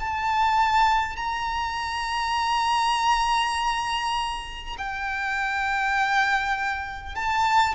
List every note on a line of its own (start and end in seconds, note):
0.00 1.17 A5
1.17 4.77 A#5
4.78 7.16 G5
7.16 7.75 A5